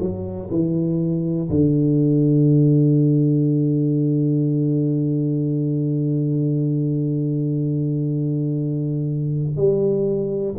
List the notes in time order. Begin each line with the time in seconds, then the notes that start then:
0.00 F#3
0.50 E3
1.49 D3
9.56 G3